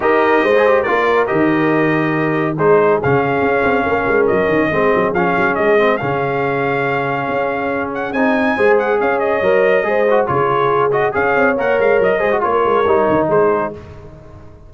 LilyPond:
<<
  \new Staff \with { instrumentName = "trumpet" } { \time 4/4 \tempo 4 = 140 dis''2 d''4 dis''4~ | dis''2 c''4 f''4~ | f''2 dis''2 | f''4 dis''4 f''2~ |
f''2~ f''8 fis''8 gis''4~ | gis''8 fis''8 f''8 dis''2~ dis''8 | cis''4. dis''8 f''4 fis''8 f''8 | dis''4 cis''2 c''4 | }
  \new Staff \with { instrumentName = "horn" } { \time 4/4 ais'4 c''4 ais'2~ | ais'2 gis'2~ | gis'4 ais'2 gis'4~ | gis'1~ |
gis'1 | c''4 cis''2 c''4 | gis'2 cis''2~ | cis''8 c''8 ais'2 gis'4 | }
  \new Staff \with { instrumentName = "trombone" } { \time 4/4 g'4~ g'16 gis'16 g'8 f'4 g'4~ | g'2 dis'4 cis'4~ | cis'2. c'4 | cis'4. c'8 cis'2~ |
cis'2. dis'4 | gis'2 ais'4 gis'8 fis'8 | f'4. fis'8 gis'4 ais'4~ | ais'8 gis'16 fis'16 f'4 dis'2 | }
  \new Staff \with { instrumentName = "tuba" } { \time 4/4 dis'4 gis4 ais4 dis4~ | dis2 gis4 cis4 | cis'8 c'8 ais8 gis8 fis8 dis8 gis8 fis8 | f8 fis8 gis4 cis2~ |
cis4 cis'2 c'4 | gis4 cis'4 fis4 gis4 | cis2 cis'8 c'8 ais8 gis8 | fis8 gis8 ais8 gis8 g8 dis8 gis4 | }
>>